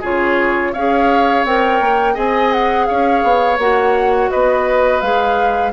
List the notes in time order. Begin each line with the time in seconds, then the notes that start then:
0.00 C#3 F4 G#4 C#5
0.73 C#4 G#4 C#5 F5
1.44 C4 A#4 G5
1.80 A#3
2.14 C4 G#4 D#5 G#5
2.52 F#5
2.86 C#4 C#5 F5
3.23 B3
3.58 A#3 F#4 F#5
4.31 B3 B4 D#5
5.01 G#3 G#4 F5